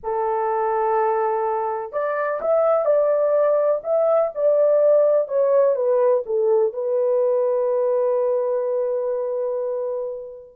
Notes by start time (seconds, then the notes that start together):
0.03 A4
1.92 D5
2.41 E5
2.85 D5
3.83 E5
4.34 D5
5.28 C#5
5.75 B4
6.26 A4
6.73 B4